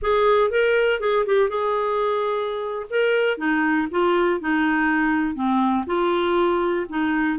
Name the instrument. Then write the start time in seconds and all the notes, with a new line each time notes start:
clarinet
0.02 G#4
0.50 A#4
1.00 G#4
1.25 G4
1.49 G#4
2.90 A#4
3.38 D#4
3.90 F4
4.40 D#4
5.34 C4
5.86 F4
6.89 D#4